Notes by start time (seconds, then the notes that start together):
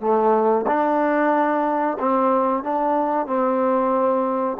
0.00 A3
0.67 D4
1.99 C4
2.63 D4
3.26 C4